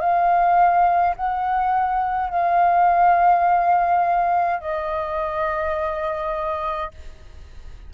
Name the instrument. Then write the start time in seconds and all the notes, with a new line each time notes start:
flute
0.00 F5
1.16 F#5
2.30 F5
4.60 D#5